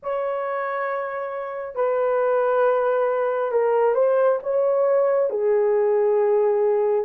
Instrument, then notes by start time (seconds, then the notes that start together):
horn
0.02 C#5
1.74 B4
3.51 A#4
3.95 C5
4.42 C#5
5.30 G#4